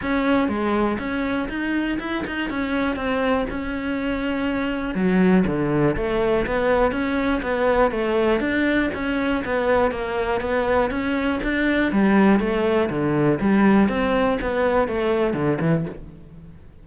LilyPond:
\new Staff \with { instrumentName = "cello" } { \time 4/4 \tempo 4 = 121 cis'4 gis4 cis'4 dis'4 | e'8 dis'8 cis'4 c'4 cis'4~ | cis'2 fis4 d4 | a4 b4 cis'4 b4 |
a4 d'4 cis'4 b4 | ais4 b4 cis'4 d'4 | g4 a4 d4 g4 | c'4 b4 a4 d8 e8 | }